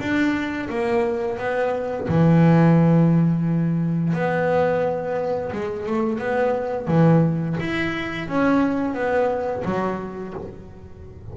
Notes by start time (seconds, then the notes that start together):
0.00 D4
0.70 A#3
1.39 B3
2.08 E3
4.14 B3
5.52 G#3
5.87 A3
6.19 B3
6.88 E3
7.60 E4
8.28 C#4
8.94 B3
9.65 F#3